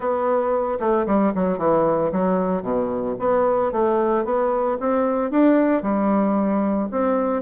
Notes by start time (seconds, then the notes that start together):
0.00 B3
0.79 A3
1.06 G3
1.34 F#3
1.58 E3
2.11 F#3
2.62 B2
3.19 B3
3.72 A3
4.24 B3
4.79 C4
5.30 D4
5.82 G3
6.91 C4